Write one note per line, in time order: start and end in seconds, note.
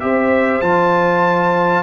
0.00 0.61 C4
0.00 0.62 G4
0.00 1.83 C5
0.00 0.61 E5
0.61 1.83 F3
0.61 1.83 F4
0.61 1.83 A5